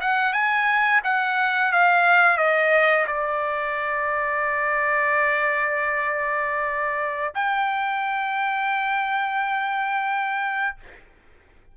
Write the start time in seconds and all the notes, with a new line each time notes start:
0.00 F#5
0.33 G#5
1.04 F#5
1.72 F5
2.37 D#5
3.07 D5
7.34 G5